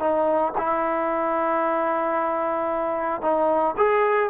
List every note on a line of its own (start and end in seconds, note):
0.00 0.54 D#4
0.58 3.22 E4
3.22 3.75 D#4
3.78 4.31 G#4